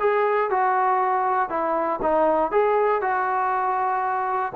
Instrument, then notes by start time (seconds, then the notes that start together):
trombone
0.00 G#4
0.50 F#4
1.49 E4
2.02 D#4
2.51 G#4
3.02 F#4